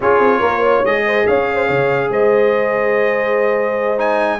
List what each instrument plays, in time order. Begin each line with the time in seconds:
0.00 tuba C#4, trombone F4, horn G#4, trumpet C#5
0.19 tuba C4
0.40 tuba A#3, horn A#4
0.58 horn C#5
0.84 tuba G#3, trombone G#4, trumpet D#5
1.06 horn C5
1.27 tuba C#4, horn C#5, trumpet F5
1.55 horn C5
1.67 tuba C#3, horn C#5
2.09 tuba G#3, horn C5, trumpet D#5
3.97 trombone D#4, trumpet G#5